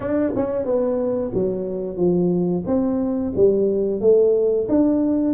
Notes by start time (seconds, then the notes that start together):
0.00 D4
0.35 C#4
0.65 B3
1.34 F#3
1.96 F3
2.66 C4
3.35 G3
4.00 A3
4.68 D4